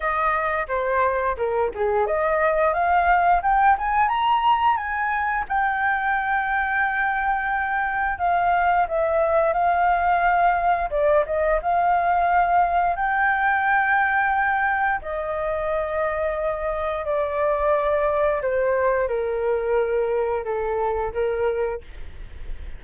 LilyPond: \new Staff \with { instrumentName = "flute" } { \time 4/4 \tempo 4 = 88 dis''4 c''4 ais'8 gis'8 dis''4 | f''4 g''8 gis''8 ais''4 gis''4 | g''1 | f''4 e''4 f''2 |
d''8 dis''8 f''2 g''4~ | g''2 dis''2~ | dis''4 d''2 c''4 | ais'2 a'4 ais'4 | }